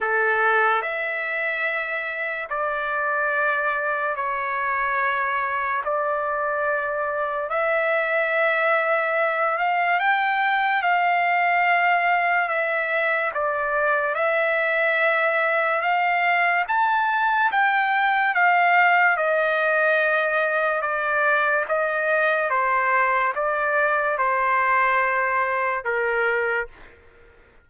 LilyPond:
\new Staff \with { instrumentName = "trumpet" } { \time 4/4 \tempo 4 = 72 a'4 e''2 d''4~ | d''4 cis''2 d''4~ | d''4 e''2~ e''8 f''8 | g''4 f''2 e''4 |
d''4 e''2 f''4 | a''4 g''4 f''4 dis''4~ | dis''4 d''4 dis''4 c''4 | d''4 c''2 ais'4 | }